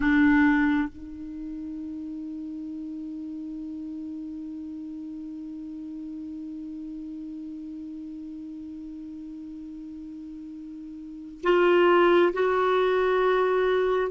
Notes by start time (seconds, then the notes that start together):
0.00 D4
0.88 D#4
11.43 F4
12.33 F#4